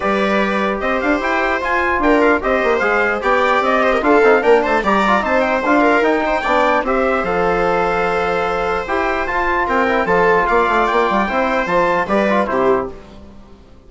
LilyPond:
<<
  \new Staff \with { instrumentName = "trumpet" } { \time 4/4 \tempo 4 = 149 d''2 dis''8 f''8 g''4 | gis''4 g''8 f''8 dis''4 f''4 | g''4 dis''4 f''4 g''8 a''8 | ais''4 a''8 g''8 f''4 g''4~ |
g''4 e''4 f''2~ | f''2 g''4 a''4 | g''4 a''4 f''4 g''4~ | g''4 a''4 d''4 c''4 | }
  \new Staff \with { instrumentName = "viola" } { \time 4/4 b'2 c''2~ | c''4 ais'4 c''2 | d''4. c''16 ais'16 a'4 ais'8 c''8 | d''4 c''4. ais'4 c''8 |
d''4 c''2.~ | c''1 | ais'4 a'4 d''2 | c''2 b'4 g'4 | }
  \new Staff \with { instrumentName = "trombone" } { \time 4/4 g'1 | f'2 g'4 gis'4 | g'2 f'8 dis'8 d'4 | g'8 f'8 dis'4 f'4 dis'4 |
d'4 g'4 a'2~ | a'2 g'4 f'4~ | f'8 e'8 f'2. | e'4 f'4 g'8 f'8 e'4 | }
  \new Staff \with { instrumentName = "bassoon" } { \time 4/4 g2 c'8 d'8 e'4 | f'4 d'4 c'8 ais8 gis4 | b4 c'4 d'8 c'8 ais8 a8 | g4 c'4 d'4 dis'4 |
b4 c'4 f2~ | f2 e'4 f'4 | c'4 f4 ais8 a8 ais8 g8 | c'4 f4 g4 c4 | }
>>